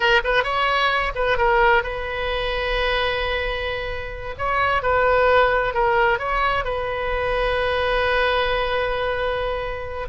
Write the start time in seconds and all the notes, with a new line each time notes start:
0.00 A#4
0.24 B4
0.43 C#5
1.15 B4
1.37 A#4
1.83 B4
4.38 C#5
4.82 B4
5.74 A#4
6.18 C#5
6.64 B4